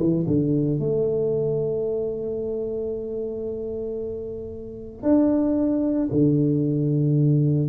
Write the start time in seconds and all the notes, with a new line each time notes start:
0.00 E3
0.27 D3
0.80 A3
5.03 D4
6.12 D3